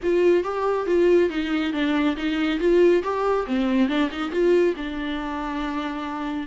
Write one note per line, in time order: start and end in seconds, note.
0.03 0.43 F4
0.43 0.86 G4
0.86 1.29 F4
1.29 1.72 D#4
1.72 2.16 D4
2.16 2.59 D#4
2.59 3.02 F4
3.03 3.46 G4
3.46 3.88 C4
3.88 4.09 D4
4.10 4.31 D#4
4.31 4.74 F4
4.76 6.46 D4